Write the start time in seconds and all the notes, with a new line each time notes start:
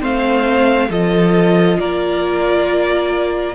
0.00 A3 C4 C5 F5
0.90 F3 F4 A4 D#5
1.79 A#3 A#4 D5